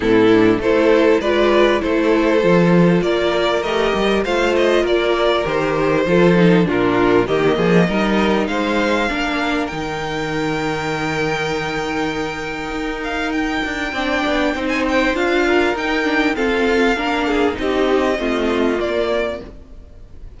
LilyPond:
<<
  \new Staff \with { instrumentName = "violin" } { \time 4/4 \tempo 4 = 99 a'4 c''4 d''4 c''4~ | c''4 d''4 dis''4 f''8 dis''8 | d''4 c''2 ais'4 | dis''2 f''2 |
g''1~ | g''4. f''8 g''2~ | g''16 gis''16 g''8 f''4 g''4 f''4~ | f''4 dis''2 d''4 | }
  \new Staff \with { instrumentName = "violin" } { \time 4/4 e'4 a'4 b'4 a'4~ | a'4 ais'2 c''4 | ais'2 a'4 f'4 | g'8 gis'8 ais'4 c''4 ais'4~ |
ais'1~ | ais'2. d''4 | c''4. ais'4. a'4 | ais'8 gis'8 g'4 f'2 | }
  \new Staff \with { instrumentName = "viola" } { \time 4/4 c'8 d'8 e'4 f'4 e'4 | f'2 g'4 f'4~ | f'4 g'4 f'8 dis'8 d'4 | ais4 dis'2 d'4 |
dis'1~ | dis'2. d'4 | dis'4 f'4 dis'8 d'8 c'4 | d'4 dis'4 c'4 ais4 | }
  \new Staff \with { instrumentName = "cello" } { \time 4/4 a,4 a4 gis4 a4 | f4 ais4 a8 g8 a4 | ais4 dis4 f4 ais,4 | dis8 f8 g4 gis4 ais4 |
dis1~ | dis4 dis'4. d'8 c'8 b8 | c'4 d'4 dis'4 f'4 | ais4 c'4 a4 ais4 | }
>>